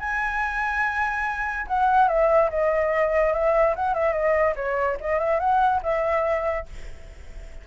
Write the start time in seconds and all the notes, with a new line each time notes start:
0.00 G#5
1.68 F#5
2.08 E5
2.50 D#5
3.34 E5
3.76 F#5
3.94 E5
4.13 D#5
4.56 C#5
5.01 D#5
5.20 E5
5.40 F#5
5.83 E5